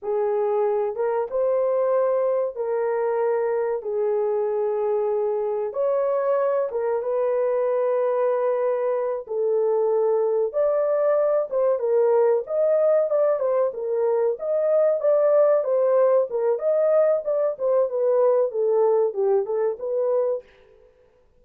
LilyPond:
\new Staff \with { instrumentName = "horn" } { \time 4/4 \tempo 4 = 94 gis'4. ais'8 c''2 | ais'2 gis'2~ | gis'4 cis''4. ais'8 b'4~ | b'2~ b'8 a'4.~ |
a'8 d''4. c''8 ais'4 dis''8~ | dis''8 d''8 c''8 ais'4 dis''4 d''8~ | d''8 c''4 ais'8 dis''4 d''8 c''8 | b'4 a'4 g'8 a'8 b'4 | }